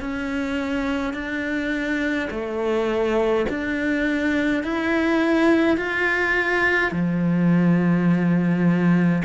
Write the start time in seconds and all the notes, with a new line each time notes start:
0.00 C#4
1.13 D4
2.30 A3
3.49 D4
4.63 E4
5.77 F4
6.91 F3